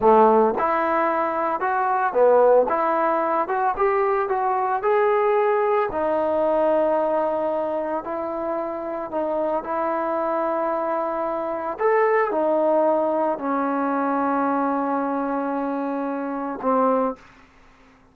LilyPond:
\new Staff \with { instrumentName = "trombone" } { \time 4/4 \tempo 4 = 112 a4 e'2 fis'4 | b4 e'4. fis'8 g'4 | fis'4 gis'2 dis'4~ | dis'2. e'4~ |
e'4 dis'4 e'2~ | e'2 a'4 dis'4~ | dis'4 cis'2.~ | cis'2. c'4 | }